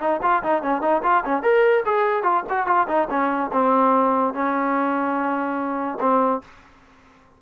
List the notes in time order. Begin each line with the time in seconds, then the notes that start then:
0.00 D#4
0.22 F4
0.43 D#4
0.62 C#4
0.81 D#4
1.03 F4
1.25 C#4
1.43 A#4
1.85 G#4
2.23 F4
2.50 F#4
2.67 F4
2.88 D#4
3.10 C#4
3.53 C4
4.34 C#4
6.00 C4